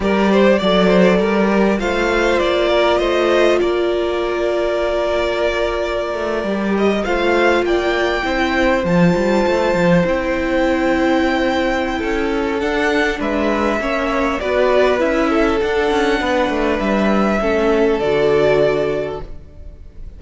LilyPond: <<
  \new Staff \with { instrumentName = "violin" } { \time 4/4 \tempo 4 = 100 d''2. f''4 | d''4 dis''4 d''2~ | d''2.~ d''16 dis''8 f''16~ | f''8. g''2 a''4~ a''16~ |
a''8. g''2.~ g''16~ | g''4 fis''4 e''2 | d''4 e''4 fis''2 | e''2 d''2 | }
  \new Staff \with { instrumentName = "violin" } { \time 4/4 ais'8 c''8 d''8 c''8 ais'4 c''4~ | c''8 ais'8 c''4 ais'2~ | ais'2.~ ais'8. c''16~ | c''8. d''4 c''2~ c''16~ |
c''1 | a'2 b'4 cis''4 | b'4. a'4. b'4~ | b'4 a'2. | }
  \new Staff \with { instrumentName = "viola" } { \time 4/4 g'4 a'4. g'8 f'4~ | f'1~ | f'2~ f'8. g'4 f'16~ | f'4.~ f'16 e'4 f'4~ f'16~ |
f'8. e'2.~ e'16~ | e'4 d'2 cis'4 | fis'4 e'4 d'2~ | d'4 cis'4 fis'2 | }
  \new Staff \with { instrumentName = "cello" } { \time 4/4 g4 fis4 g4 a4 | ais4 a4 ais2~ | ais2~ ais16 a8 g4 a16~ | a8. ais4 c'4 f8 g8 a16~ |
a16 f8 c'2.~ c'16 | cis'4 d'4 gis4 ais4 | b4 cis'4 d'8 cis'8 b8 a8 | g4 a4 d2 | }
>>